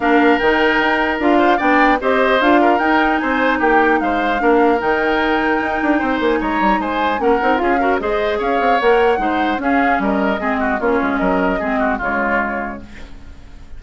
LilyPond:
<<
  \new Staff \with { instrumentName = "flute" } { \time 4/4 \tempo 4 = 150 f''4 g''2 f''4 | g''4 dis''4 f''4 g''4 | gis''4 g''4 f''2 | g''2.~ g''8 gis''8 |
ais''4 gis''4 fis''4 f''4 | dis''4 f''4 fis''2 | f''4 dis''2 cis''4 | dis''2 cis''2 | }
  \new Staff \with { instrumentName = "oboe" } { \time 4/4 ais'2.~ ais'8 c''8 | d''4 c''4. ais'4. | c''4 g'4 c''4 ais'4~ | ais'2. c''4 |
cis''4 c''4 ais'4 gis'8 ais'8 | c''4 cis''2 c''4 | gis'4 ais'4 gis'8 fis'8 f'4 | ais'4 gis'8 fis'8 f'2 | }
  \new Staff \with { instrumentName = "clarinet" } { \time 4/4 d'4 dis'2 f'4 | d'4 g'4 f'4 dis'4~ | dis'2. d'4 | dis'1~ |
dis'2 cis'8 dis'8 f'8 fis'8 | gis'2 ais'4 dis'4 | cis'2 c'4 cis'4~ | cis'4 c'4 gis2 | }
  \new Staff \with { instrumentName = "bassoon" } { \time 4/4 ais4 dis4 dis'4 d'4 | b4 c'4 d'4 dis'4 | c'4 ais4 gis4 ais4 | dis2 dis'8 d'8 c'8 ais8 |
gis8 g8 gis4 ais8 c'8 cis'4 | gis4 cis'8 c'8 ais4 gis4 | cis'4 g4 gis4 ais8 gis8 | fis4 gis4 cis2 | }
>>